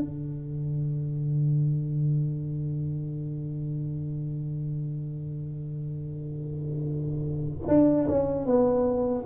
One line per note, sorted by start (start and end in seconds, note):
0.00 7.68 D3
7.68 8.07 D4
8.08 8.45 C#4
8.45 9.24 B3